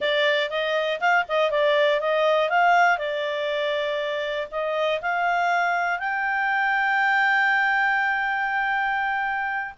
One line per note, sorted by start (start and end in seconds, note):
0.00 0.50 D5
0.50 1.00 D#5
1.00 1.25 F5
1.28 1.50 D#5
1.50 2.00 D5
2.00 2.49 D#5
2.49 2.97 F5
2.97 4.47 D5
4.51 5.01 D#5
5.01 5.99 F5
5.99 9.74 G5